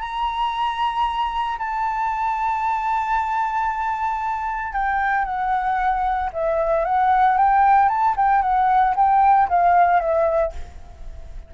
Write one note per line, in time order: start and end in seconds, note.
0.00 1.58 A#5
1.58 4.73 A5
4.73 5.25 G5
5.25 6.30 F#5
6.33 6.85 E5
6.85 7.38 F#5
7.38 7.89 G5
7.89 8.15 A5
8.17 8.42 G5
8.42 8.95 F#5
8.96 9.48 G5
9.49 10.00 F5
10.00 10.52 E5